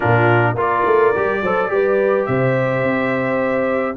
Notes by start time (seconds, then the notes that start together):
0.00 A#2 D4 F4 A#4
0.54 A#3 F4 A#4
0.60 D5
0.85 A3
1.15 G3 G4
1.42 F#3 A4 C5
1.68 G3 G4 B4
2.25 C3 C5 E5
2.83 C4